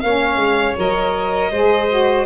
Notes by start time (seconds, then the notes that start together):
0.00 A#3 C#5 F5
0.06 C#4
0.37 G#3
0.77 F#3 A#4 D#5
1.51 G#3 G#4 C5
1.89 F#4